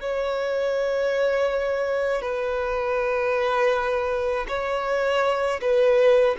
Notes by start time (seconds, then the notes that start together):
0.00 C#5
2.21 B4
4.47 C#5
5.61 B4